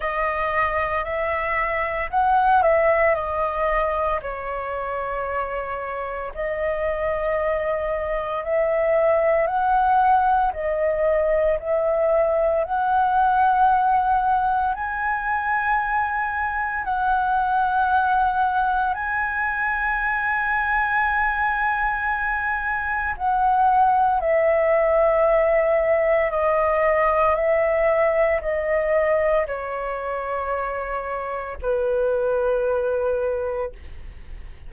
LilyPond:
\new Staff \with { instrumentName = "flute" } { \time 4/4 \tempo 4 = 57 dis''4 e''4 fis''8 e''8 dis''4 | cis''2 dis''2 | e''4 fis''4 dis''4 e''4 | fis''2 gis''2 |
fis''2 gis''2~ | gis''2 fis''4 e''4~ | e''4 dis''4 e''4 dis''4 | cis''2 b'2 | }